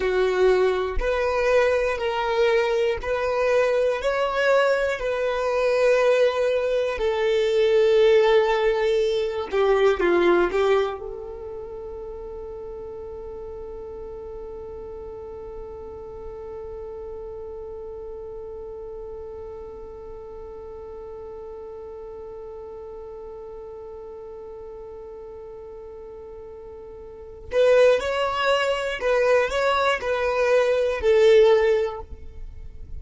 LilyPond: \new Staff \with { instrumentName = "violin" } { \time 4/4 \tempo 4 = 60 fis'4 b'4 ais'4 b'4 | cis''4 b'2 a'4~ | a'4. g'8 f'8 g'8 a'4~ | a'1~ |
a'1~ | a'1~ | a'2.~ a'8 b'8 | cis''4 b'8 cis''8 b'4 a'4 | }